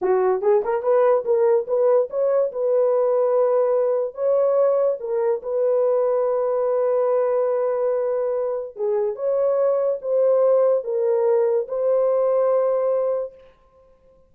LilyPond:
\new Staff \with { instrumentName = "horn" } { \time 4/4 \tempo 4 = 144 fis'4 gis'8 ais'8 b'4 ais'4 | b'4 cis''4 b'2~ | b'2 cis''2 | ais'4 b'2.~ |
b'1~ | b'4 gis'4 cis''2 | c''2 ais'2 | c''1 | }